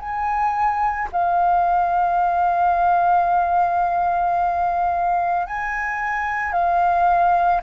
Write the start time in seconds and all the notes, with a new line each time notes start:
0.00 G#5
1.13 F5
5.47 G#5
6.53 F5